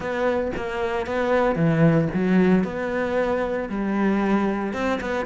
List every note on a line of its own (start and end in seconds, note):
0.00 0.51 B3
0.56 1.06 A#3
1.06 1.55 B3
1.55 2.08 E3
2.13 2.64 F#3
2.64 3.69 B3
3.69 4.73 G3
4.73 4.99 C4
5.00 5.25 B3